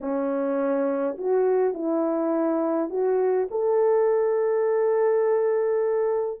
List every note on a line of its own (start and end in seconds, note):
0.00 1.17 C#4
1.17 1.73 F#4
1.73 2.89 E4
2.89 3.48 F#4
3.50 6.40 A4